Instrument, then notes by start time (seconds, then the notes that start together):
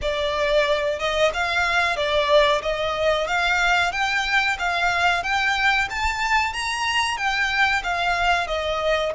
violin
0.01 D5
0.99 D#5
1.33 F5
1.96 D5
2.61 D#5
3.27 F5
3.91 G5
4.58 F5
5.23 G5
5.90 A5
6.53 A#5
7.17 G5
7.83 F5
8.47 D#5